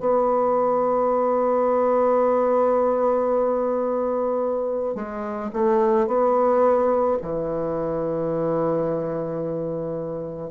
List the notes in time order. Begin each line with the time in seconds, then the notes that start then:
0.00 B3
4.95 G#3
5.54 A3
6.07 B3
7.22 E3